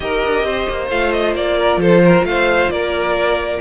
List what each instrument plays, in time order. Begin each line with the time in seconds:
0.00 cello D#4, viola G4, violin A#4 D#5
0.24 cello D4
0.43 cello C4, violin C5
0.69 cello A#3
0.90 cello A3, viola F4, violin F5
1.12 violin D#5
1.34 cello A#3, violin D5
1.57 violin A#4
1.77 cello F3, violin A4 C5
2.04 violin A#4
2.23 cello A3, violin C5 F5
2.69 cello A#3, violin A#4 D5